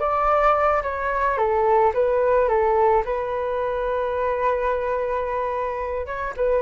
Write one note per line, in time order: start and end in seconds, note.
0.00 0.83 D5
0.83 1.38 C#5
1.38 1.93 A4
1.94 2.49 B4
2.49 3.04 A4
3.05 6.07 B4
6.07 6.34 C#5
6.37 6.63 B4